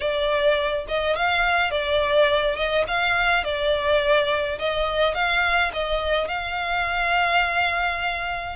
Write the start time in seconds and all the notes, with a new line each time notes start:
0.00 D5
0.88 D#5
1.16 F5
1.70 D5
2.56 D#5
2.87 F5
3.44 D5
4.59 D#5
5.14 F5
5.73 D#5
6.28 F5